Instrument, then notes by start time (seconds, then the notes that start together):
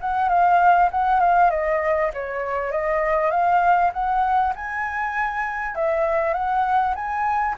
flute
0.00 F#5
0.29 F5
0.91 F#5
1.20 F5
1.50 D#5
2.13 C#5
2.71 D#5
3.30 F5
3.93 F#5
4.55 G#5
5.75 E5
6.33 F#5
6.95 G#5